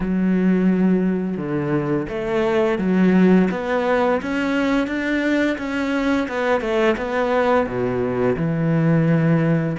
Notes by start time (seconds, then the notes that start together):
0.00 F#3
1.37 D3
2.08 A3
2.78 F#3
3.50 B3
4.22 C#4
4.87 D4
5.58 C#4
6.28 B3
6.60 A3
6.97 B3
7.66 B2
8.36 E3